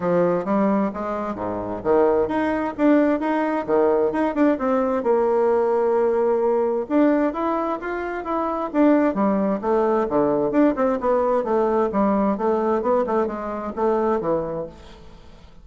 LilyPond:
\new Staff \with { instrumentName = "bassoon" } { \time 4/4 \tempo 4 = 131 f4 g4 gis4 gis,4 | dis4 dis'4 d'4 dis'4 | dis4 dis'8 d'8 c'4 ais4~ | ais2. d'4 |
e'4 f'4 e'4 d'4 | g4 a4 d4 d'8 c'8 | b4 a4 g4 a4 | b8 a8 gis4 a4 e4 | }